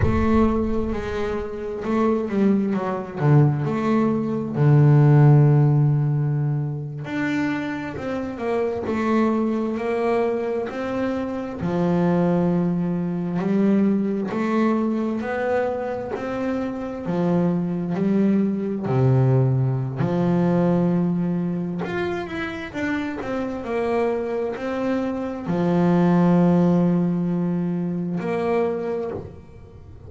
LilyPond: \new Staff \with { instrumentName = "double bass" } { \time 4/4 \tempo 4 = 66 a4 gis4 a8 g8 fis8 d8 | a4 d2~ d8. d'16~ | d'8. c'8 ais8 a4 ais4 c'16~ | c'8. f2 g4 a16~ |
a8. b4 c'4 f4 g16~ | g8. c4~ c16 f2 | f'8 e'8 d'8 c'8 ais4 c'4 | f2. ais4 | }